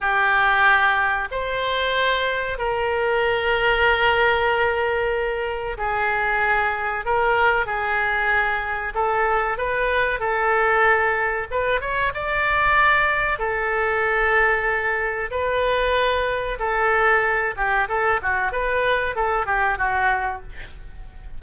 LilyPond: \new Staff \with { instrumentName = "oboe" } { \time 4/4 \tempo 4 = 94 g'2 c''2 | ais'1~ | ais'4 gis'2 ais'4 | gis'2 a'4 b'4 |
a'2 b'8 cis''8 d''4~ | d''4 a'2. | b'2 a'4. g'8 | a'8 fis'8 b'4 a'8 g'8 fis'4 | }